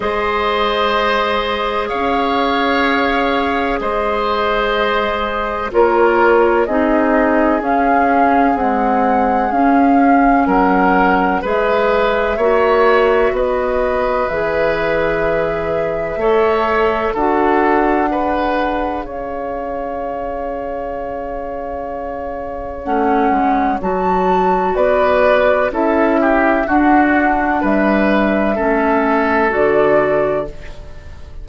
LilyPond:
<<
  \new Staff \with { instrumentName = "flute" } { \time 4/4 \tempo 4 = 63 dis''2 f''2 | dis''2 cis''4 dis''4 | f''4 fis''4 f''4 fis''4 | e''2 dis''4 e''4~ |
e''2 fis''2 | f''1 | fis''4 a''4 d''4 e''4 | fis''4 e''2 d''4 | }
  \new Staff \with { instrumentName = "oboe" } { \time 4/4 c''2 cis''2 | c''2 ais'4 gis'4~ | gis'2. ais'4 | b'4 cis''4 b'2~ |
b'4 cis''4 a'4 b'4 | cis''1~ | cis''2 b'4 a'8 g'8 | fis'4 b'4 a'2 | }
  \new Staff \with { instrumentName = "clarinet" } { \time 4/4 gis'1~ | gis'2 f'4 dis'4 | cis'4 gis4 cis'2 | gis'4 fis'2 gis'4~ |
gis'4 a'4 fis'4 gis'4~ | gis'1 | cis'4 fis'2 e'4 | d'2 cis'4 fis'4 | }
  \new Staff \with { instrumentName = "bassoon" } { \time 4/4 gis2 cis'2 | gis2 ais4 c'4 | cis'4 c'4 cis'4 fis4 | gis4 ais4 b4 e4~ |
e4 a4 d'2 | cis'1 | a8 gis8 fis4 b4 cis'4 | d'4 g4 a4 d4 | }
>>